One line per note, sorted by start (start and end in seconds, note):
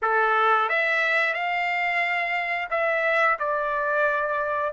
0.02 0.69 A4
0.69 1.33 E5
1.33 2.68 F5
2.70 3.37 E5
3.39 4.73 D5